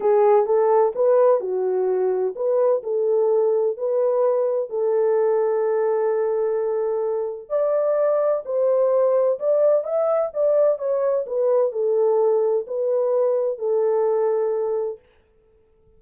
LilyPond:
\new Staff \with { instrumentName = "horn" } { \time 4/4 \tempo 4 = 128 gis'4 a'4 b'4 fis'4~ | fis'4 b'4 a'2 | b'2 a'2~ | a'1 |
d''2 c''2 | d''4 e''4 d''4 cis''4 | b'4 a'2 b'4~ | b'4 a'2. | }